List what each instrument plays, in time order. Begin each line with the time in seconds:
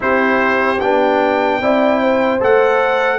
0.00 tuba C4, trombone E4, horn G4, trumpet C5
0.80 tuba B3, trombone D4, trumpet G5
1.60 tuba C4, trombone E4, horn D5
2.01 horn C5
2.40 tuba A3, trombone A4, trumpet F#5